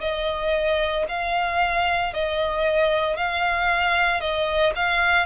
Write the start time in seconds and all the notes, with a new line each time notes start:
0.00 D#5
1.08 F5
2.13 D#5
3.17 F5
4.20 D#5
4.75 F5